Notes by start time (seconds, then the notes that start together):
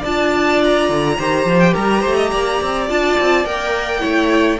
0.00 D4 F4 D5 A5
0.64 A#5
0.89 D3
1.18 D#3 G4 C5
1.46 F3
1.60 G5
1.73 G3 A#4 A#5
2.01 A3 C5
2.16 D#5
2.31 A#3 D5
2.61 C4
2.89 D4 F4 A5
3.20 C4
3.45 A#3 A#4 G5
3.99 A3 E4 C#5